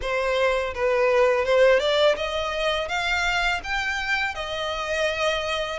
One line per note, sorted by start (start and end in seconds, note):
0.01 0.74 C5
0.74 1.45 B4
1.45 1.79 C5
1.79 2.15 D5
2.16 2.88 D#5
2.88 3.60 F5
3.63 4.34 G5
4.34 5.79 D#5